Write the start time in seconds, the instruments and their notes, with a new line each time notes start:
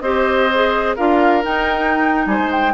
0.00 bassoon C4, clarinet G4, oboe C5, flute D#5
0.53 clarinet G#4
0.96 bassoon D4, clarinet F4, oboe A#4, flute F5
1.42 clarinet D#4, bassoon D#4, flute G5
2.26 bassoon G3, oboe C5, flute G#5
2.38 bassoon G#3
2.51 flute G5